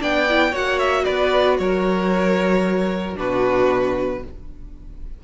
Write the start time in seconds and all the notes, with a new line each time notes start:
0.00 B3 D4 D5 G5
0.29 E4
0.50 A#3 F#4 C#5 F#5
0.78 E5
1.04 B3 B4 D5
1.58 F#3 A#4 C#5
3.14 B2 D4 F#4 B4